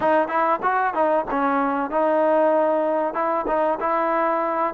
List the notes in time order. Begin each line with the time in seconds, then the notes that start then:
0.00 D#4
0.28 E4
0.62 F#4
0.93 D#4
1.30 C#4
1.90 D#4
3.14 E4
3.47 D#4
3.80 E4